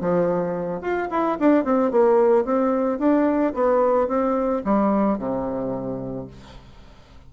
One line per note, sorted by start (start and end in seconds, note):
0.00 0.81 F3
0.81 1.08 F4
1.10 1.38 E4
1.39 1.64 D4
1.64 1.91 C4
1.91 2.44 A#3
2.44 2.99 C4
2.99 3.53 D4
3.54 4.08 B3
4.08 4.62 C4
4.64 5.18 G3
5.18 6.27 C3